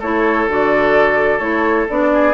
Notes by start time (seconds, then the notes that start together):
0.00 A3 E4 A4 C#5
0.48 D3 F#4 D5
1.39 A3 E4 C#5
1.90 B3 D4 D5
2.13 G#4